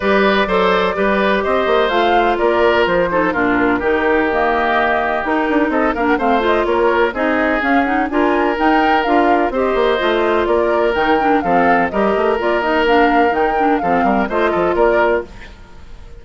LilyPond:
<<
  \new Staff \with { instrumentName = "flute" } { \time 4/4 \tempo 4 = 126 d''2. dis''4 | f''4 d''4 c''4 ais'4~ | ais'4 dis''2 ais'4 | dis''8 f''16 fis''16 f''8 dis''8 cis''4 dis''4 |
f''8 fis''8 gis''4 g''4 f''4 | dis''2 d''4 g''4 | f''4 dis''4 d''8 dis''8 f''4 | g''4 f''4 dis''4 d''4 | }
  \new Staff \with { instrumentName = "oboe" } { \time 4/4 b'4 c''4 b'4 c''4~ | c''4 ais'4. a'8 f'4 | g'1 | a'8 ais'8 c''4 ais'4 gis'4~ |
gis'4 ais'2. | c''2 ais'2 | a'4 ais'2.~ | ais'4 a'8 ais'8 c''8 a'8 ais'4 | }
  \new Staff \with { instrumentName = "clarinet" } { \time 4/4 g'4 a'4 g'2 | f'2~ f'8 dis'8 d'4 | dis'4 ais2 dis'4~ | dis'8 d'8 c'8 f'4. dis'4 |
cis'8 dis'8 f'4 dis'4 f'4 | g'4 f'2 dis'8 d'8 | c'4 g'4 f'8 dis'8 d'4 | dis'8 d'8 c'4 f'2 | }
  \new Staff \with { instrumentName = "bassoon" } { \time 4/4 g4 fis4 g4 c'8 ais8 | a4 ais4 f4 ais,4 | dis2. dis'8 d'8 | c'8 ais8 a4 ais4 c'4 |
cis'4 d'4 dis'4 d'4 | c'8 ais8 a4 ais4 dis4 | f4 g8 a8 ais2 | dis4 f8 g8 a8 f8 ais4 | }
>>